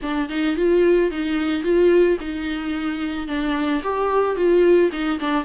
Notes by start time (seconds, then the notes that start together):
0.01 D4
0.29 D#4
0.56 F4
1.10 D#4
1.63 F4
2.20 D#4
3.27 D4
3.83 G4
4.35 F4
4.92 D#4
5.19 D4